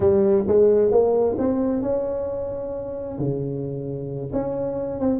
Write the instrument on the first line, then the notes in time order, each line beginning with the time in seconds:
tuba
0.00 G3
0.47 G#3
0.91 A#3
1.38 C4
1.82 C#4
3.18 C#3
4.32 C#4
5.00 C4